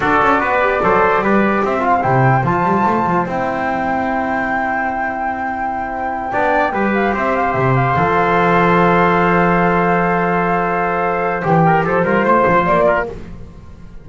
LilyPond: <<
  \new Staff \with { instrumentName = "flute" } { \time 4/4 \tempo 4 = 147 d''1 | e''8 f''8 g''4 a''2 | g''1~ | g''1~ |
g''4 f''8 e''8 f''8 e''8 f''4~ | f''1~ | f''1 | g''4 c''2 d''4 | }
  \new Staff \with { instrumentName = "trumpet" } { \time 4/4 a'4 b'4 c''4 b'4 | c''1~ | c''1~ | c''2.~ c''8 d''8~ |
d''8 b'4 c''2~ c''8~ | c''1~ | c''1~ | c''8 ais'8 a'8 ais'8 c''4. ais'8 | }
  \new Staff \with { instrumentName = "trombone" } { \time 4/4 fis'4. g'8 a'4 g'4~ | g'8 f'8 e'4 f'2 | e'1~ | e'2.~ e'8 d'8~ |
d'8 g'2. a'8~ | a'1~ | a'1 | g'4. f'2~ f'8 | }
  \new Staff \with { instrumentName = "double bass" } { \time 4/4 d'8 cis'8 b4 fis4 g4 | c'4 c4 f8 g8 a8 f8 | c'1~ | c'2.~ c'8 b8~ |
b8 g4 c'4 c4 f8~ | f1~ | f1 | e4 f8 g8 a8 f8 ais4 | }
>>